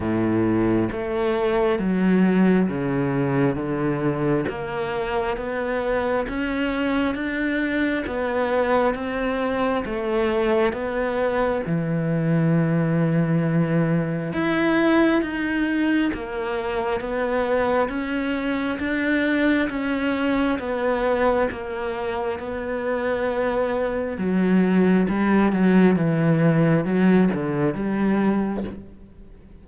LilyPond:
\new Staff \with { instrumentName = "cello" } { \time 4/4 \tempo 4 = 67 a,4 a4 fis4 cis4 | d4 ais4 b4 cis'4 | d'4 b4 c'4 a4 | b4 e2. |
e'4 dis'4 ais4 b4 | cis'4 d'4 cis'4 b4 | ais4 b2 fis4 | g8 fis8 e4 fis8 d8 g4 | }